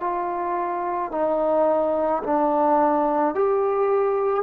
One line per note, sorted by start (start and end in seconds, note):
0.00 1.11 F4
1.11 2.22 D#4
2.23 3.34 D4
3.34 4.43 G4